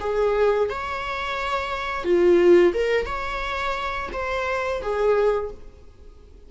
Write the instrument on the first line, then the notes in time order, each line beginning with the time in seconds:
viola
0.00 G#4
0.69 C#5
2.04 F4
2.74 A#4
3.06 C#5
4.13 C5
4.82 G#4